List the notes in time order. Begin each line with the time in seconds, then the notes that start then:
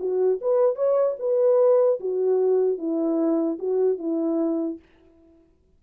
0.00 F#4
0.42 B4
0.76 C#5
1.20 B4
2.00 F#4
2.78 E4
3.59 F#4
3.99 E4